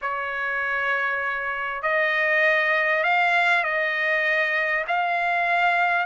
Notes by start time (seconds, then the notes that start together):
0.01 C#5
1.82 D#5
3.03 F5
3.63 D#5
4.87 F5